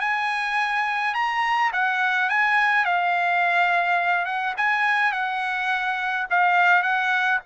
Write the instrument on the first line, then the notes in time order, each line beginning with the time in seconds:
trumpet
0.00 G#5
1.14 A#5
1.72 F#5
2.29 G#5
2.85 F5
4.25 F#5
4.57 G#5
5.12 F#5
6.30 F5
6.82 F#5